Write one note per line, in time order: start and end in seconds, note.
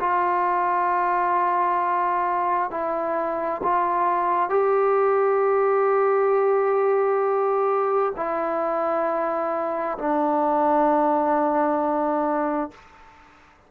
0.00 2.71 F4
2.71 3.62 E4
3.63 4.50 F4
4.50 8.13 G4
8.16 9.98 E4
9.98 12.71 D4